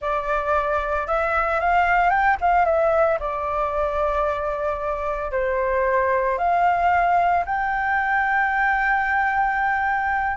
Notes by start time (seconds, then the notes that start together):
0.01 D5
1.07 E5
1.60 F5
2.10 G5
2.40 F5
2.65 E5
3.19 D5
5.31 C5
6.38 F5
7.45 G5